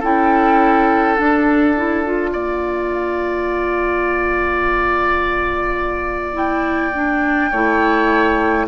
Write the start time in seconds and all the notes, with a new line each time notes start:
0.00 C#4 E4 A4 G5
1.18 D4 F5
1.77 E4
2.05 F4
2.33 A#3 D5
6.34 E4 G5
6.94 D4
7.51 A3 E4 C#5